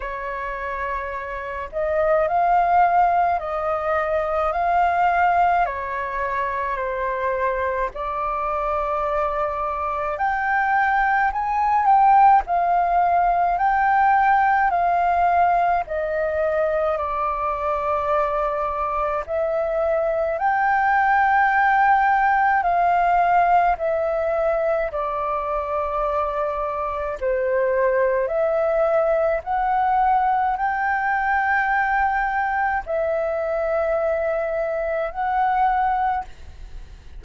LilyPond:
\new Staff \with { instrumentName = "flute" } { \time 4/4 \tempo 4 = 53 cis''4. dis''8 f''4 dis''4 | f''4 cis''4 c''4 d''4~ | d''4 g''4 gis''8 g''8 f''4 | g''4 f''4 dis''4 d''4~ |
d''4 e''4 g''2 | f''4 e''4 d''2 | c''4 e''4 fis''4 g''4~ | g''4 e''2 fis''4 | }